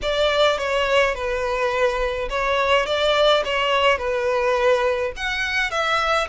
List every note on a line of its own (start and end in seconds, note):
0.02 0.58 D5
0.58 1.14 C#5
1.14 2.29 B4
2.29 2.86 C#5
2.86 3.43 D5
3.44 3.98 C#5
3.98 5.12 B4
5.16 5.70 F#5
5.70 6.27 E5